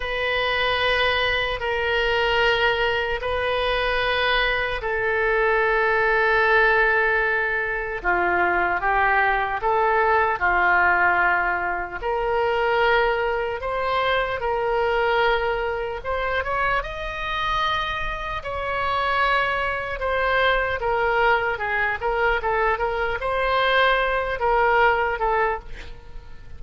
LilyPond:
\new Staff \with { instrumentName = "oboe" } { \time 4/4 \tempo 4 = 75 b'2 ais'2 | b'2 a'2~ | a'2 f'4 g'4 | a'4 f'2 ais'4~ |
ais'4 c''4 ais'2 | c''8 cis''8 dis''2 cis''4~ | cis''4 c''4 ais'4 gis'8 ais'8 | a'8 ais'8 c''4. ais'4 a'8 | }